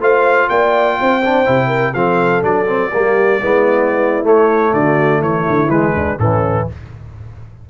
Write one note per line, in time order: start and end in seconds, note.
0.00 0.48 A3
0.00 1.22 F4
0.00 0.49 C5
0.00 0.49 F5
0.49 0.98 A#3
0.49 0.99 D5
0.49 1.94 G5
1.00 1.47 C4
1.00 1.67 C5
1.24 1.45 D4
1.45 1.94 C3
1.45 1.93 E4
1.67 1.92 A#4
1.94 2.43 F3
1.94 2.42 C4
1.94 2.92 A4
1.94 2.42 F5
2.42 2.91 F#3
2.42 2.66 D4
2.42 4.26 D5
2.67 2.91 C4
2.93 3.41 G3
2.93 3.41 A#3
2.93 3.40 G4
3.40 4.23 G#3
3.40 4.23 B3
3.40 4.73 E4
4.23 5.68 A3
4.23 4.72 A3
4.23 4.74 C#5
4.73 5.20 D3
4.73 5.20 F#4
4.73 5.22 D5
5.20 5.44 E3
5.20 5.93 E4
5.20 5.70 C#5
5.49 5.68 D3
5.68 5.93 E3
5.68 6.18 G#3
5.68 6.18 B4
5.95 6.18 D2
5.95 6.19 D4
6.18 6.67 A2
6.18 6.69 E3
6.18 6.68 C#4
6.18 6.68 A4